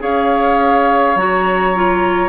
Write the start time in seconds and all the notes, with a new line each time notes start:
0.00 C#4 G#4 C#5 F5
1.16 F#3 F#4 A#5
1.75 F4